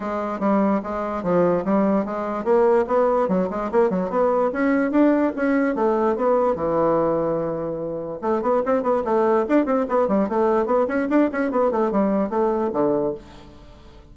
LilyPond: \new Staff \with { instrumentName = "bassoon" } { \time 4/4 \tempo 4 = 146 gis4 g4 gis4 f4 | g4 gis4 ais4 b4 | fis8 gis8 ais8 fis8 b4 cis'4 | d'4 cis'4 a4 b4 |
e1 | a8 b8 c'8 b8 a4 d'8 c'8 | b8 g8 a4 b8 cis'8 d'8 cis'8 | b8 a8 g4 a4 d4 | }